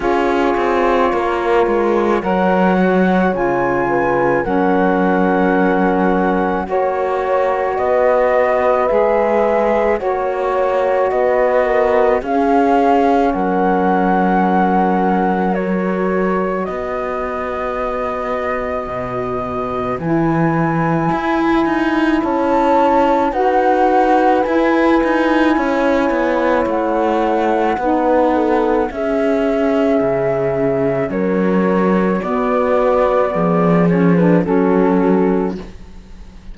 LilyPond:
<<
  \new Staff \with { instrumentName = "flute" } { \time 4/4 \tempo 4 = 54 cis''2 fis''4 gis''4 | fis''2 cis''4 dis''4 | e''4 cis''4 dis''4 f''4 | fis''2 cis''4 dis''4~ |
dis''2 gis''2 | a''4 fis''4 gis''2 | fis''2 e''2 | cis''4 d''4. cis''16 b'16 a'4 | }
  \new Staff \with { instrumentName = "horn" } { \time 4/4 gis'4 ais'4 cis''4. b'8 | ais'2 cis''4 b'4~ | b'4 cis''4 b'8 ais'8 gis'4 | ais'2. b'4~ |
b'1 | cis''4 b'2 cis''4~ | cis''4 b'8 a'8 gis'2 | ais'4 fis'4 gis'4 fis'4 | }
  \new Staff \with { instrumentName = "saxophone" } { \time 4/4 f'2 ais'8 fis'8 f'4 | cis'2 fis'2 | gis'4 fis'2 cis'4~ | cis'2 fis'2~ |
fis'2 e'2~ | e'4 fis'4 e'2~ | e'4 dis'4 cis'2~ | cis'4 b4. cis'16 d'16 cis'4 | }
  \new Staff \with { instrumentName = "cello" } { \time 4/4 cis'8 c'8 ais8 gis8 fis4 cis4 | fis2 ais4 b4 | gis4 ais4 b4 cis'4 | fis2. b4~ |
b4 b,4 e4 e'8 dis'8 | cis'4 dis'4 e'8 dis'8 cis'8 b8 | a4 b4 cis'4 cis4 | fis4 b4 f4 fis4 | }
>>